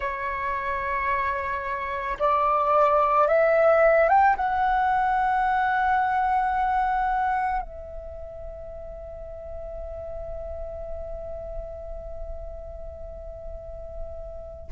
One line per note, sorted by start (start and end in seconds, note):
0.00 2.17 C#5
2.19 3.27 D5
3.27 4.09 E5
4.09 4.36 G5
4.36 7.61 F#5
7.61 14.70 E5